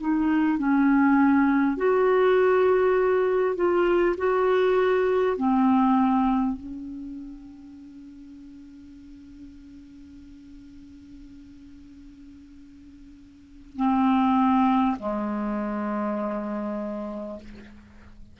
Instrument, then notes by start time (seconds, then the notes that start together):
clarinet
0.00 D#4
0.58 C#4
1.77 F#4
3.55 F4
4.17 F#4
5.37 C4
6.57 C#4
13.77 C4
14.99 G#3